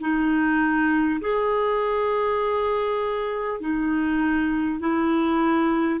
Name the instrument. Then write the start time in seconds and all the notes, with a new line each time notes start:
clarinet
0.00 D#4
1.20 G#4
3.60 D#4
4.80 E4